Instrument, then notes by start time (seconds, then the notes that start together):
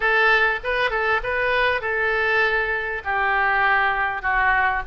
oboe
0.00 A4
0.63 B4
0.90 A4
1.23 B4
1.81 A4
3.04 G4
4.21 F#4